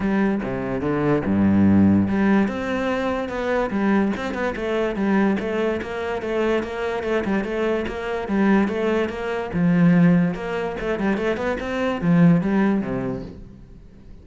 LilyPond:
\new Staff \with { instrumentName = "cello" } { \time 4/4 \tempo 4 = 145 g4 c4 d4 g,4~ | g,4 g4 c'2 | b4 g4 c'8 b8 a4 | g4 a4 ais4 a4 |
ais4 a8 g8 a4 ais4 | g4 a4 ais4 f4~ | f4 ais4 a8 g8 a8 b8 | c'4 f4 g4 c4 | }